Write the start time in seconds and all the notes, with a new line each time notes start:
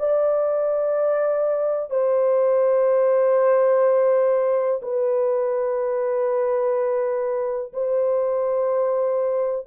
0.00 D5
1.90 C5
4.83 B4
7.74 C5